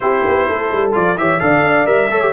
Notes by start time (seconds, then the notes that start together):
0.00 C4 E4 G4 C5
0.27 B3
0.48 A3 A4
0.71 G3
0.92 F3 F4 D5
1.17 E3 G4 C#5 E5
1.39 D3 A4 D5 F5
1.62 D4
1.85 G3 A#4 E5
2.09 A3 A4 C#5
2.21 G4